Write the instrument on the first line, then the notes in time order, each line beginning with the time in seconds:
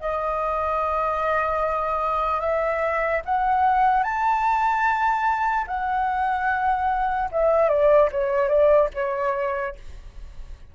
flute
0.00 D#5
2.40 E5
3.25 F#5
4.03 A5
5.67 F#5
7.31 E5
7.68 D5
8.11 C#5
8.48 D5
8.94 C#5